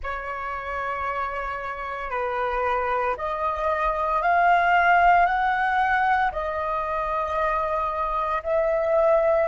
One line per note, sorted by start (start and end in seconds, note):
0.03 2.10 C#5
2.10 3.15 B4
3.17 4.22 D#5
4.22 5.25 F5
5.25 6.31 F#5
6.32 8.42 D#5
8.43 9.48 E5